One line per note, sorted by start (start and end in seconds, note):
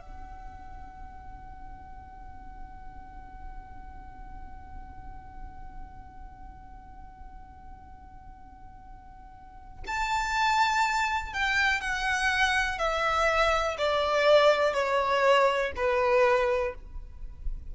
0.00 9.84 F#5
9.87 11.33 A5
11.33 11.81 G5
11.81 12.79 F#5
12.79 13.77 E5
13.78 14.74 D5
14.74 15.72 C#5
15.76 16.75 B4